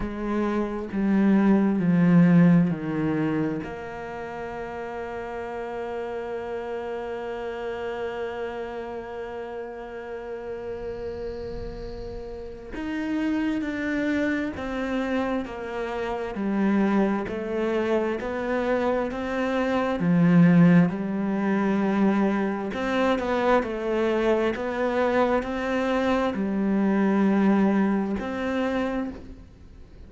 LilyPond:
\new Staff \with { instrumentName = "cello" } { \time 4/4 \tempo 4 = 66 gis4 g4 f4 dis4 | ais1~ | ais1~ | ais2 dis'4 d'4 |
c'4 ais4 g4 a4 | b4 c'4 f4 g4~ | g4 c'8 b8 a4 b4 | c'4 g2 c'4 | }